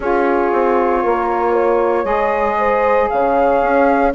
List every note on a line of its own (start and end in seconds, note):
0.00 0.51 C#4
0.00 2.03 F4
0.00 1.02 G#4
0.00 2.05 C#5
0.52 1.04 C4
1.03 2.04 A#3
1.03 1.52 A#4
1.52 2.56 C#5
2.03 3.08 G#3
2.03 4.10 G#4
2.03 3.08 D#5
2.58 3.09 C5
3.09 3.62 C#3
3.09 4.14 C#5
3.09 4.12 F5
3.62 4.14 C#4